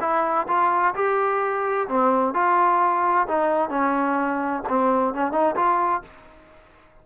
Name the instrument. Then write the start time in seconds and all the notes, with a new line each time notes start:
trombone
0.00 E4
0.47 F4
0.94 G4
1.88 C4
2.34 F4
3.27 D#4
3.70 C#4
4.68 C4
5.14 C#4
5.31 D#4
5.55 F4